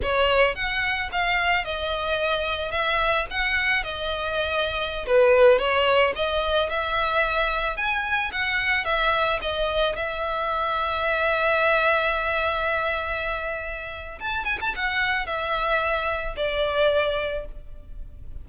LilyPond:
\new Staff \with { instrumentName = "violin" } { \time 4/4 \tempo 4 = 110 cis''4 fis''4 f''4 dis''4~ | dis''4 e''4 fis''4 dis''4~ | dis''4~ dis''16 b'4 cis''4 dis''8.~ | dis''16 e''2 gis''4 fis''8.~ |
fis''16 e''4 dis''4 e''4.~ e''16~ | e''1~ | e''2 a''8 gis''16 a''16 fis''4 | e''2 d''2 | }